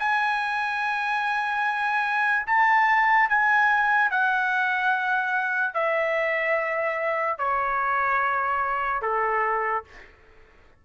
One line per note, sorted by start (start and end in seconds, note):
0.00 2.47 G#5
2.47 3.29 A5
3.29 4.11 G#5
4.11 5.74 F#5
5.74 7.39 E5
7.39 9.02 C#5
9.02 9.84 A4